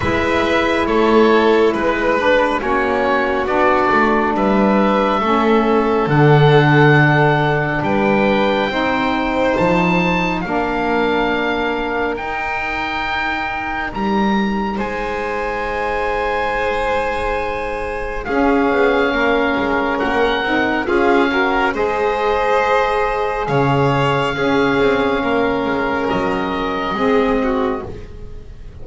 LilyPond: <<
  \new Staff \with { instrumentName = "oboe" } { \time 4/4 \tempo 4 = 69 e''4 cis''4 b'4 cis''4 | d''4 e''2 fis''4~ | fis''4 g''2 a''4 | f''2 g''2 |
ais''4 gis''2.~ | gis''4 f''2 fis''4 | f''4 dis''2 f''4~ | f''2 dis''2 | }
  \new Staff \with { instrumentName = "violin" } { \time 4/4 b'4 a'4 b'4 fis'4~ | fis'4 b'4 a'2~ | a'4 b'4 c''2 | ais'1~ |
ais'4 c''2.~ | c''4 gis'4 ais'2 | gis'8 ais'8 c''2 cis''4 | gis'4 ais'2 gis'8 fis'8 | }
  \new Staff \with { instrumentName = "saxophone" } { \time 4/4 e'2~ e'8 d'8 cis'4 | d'2 cis'4 d'4~ | d'2 dis'2 | d'2 dis'2~ |
dis'1~ | dis'4 cis'2~ cis'8 dis'8 | f'8 fis'8 gis'2. | cis'2. c'4 | }
  \new Staff \with { instrumentName = "double bass" } { \time 4/4 gis4 a4 gis4 ais4 | b8 a8 g4 a4 d4~ | d4 g4 c'4 f4 | ais2 dis'2 |
g4 gis2.~ | gis4 cis'8 b8 ais8 gis8 ais8 c'8 | cis'4 gis2 cis4 | cis'8 c'8 ais8 gis8 fis4 gis4 | }
>>